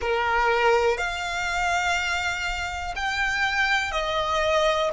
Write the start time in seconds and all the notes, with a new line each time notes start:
0.00 A#4
0.97 F5
2.95 G5
3.91 D#5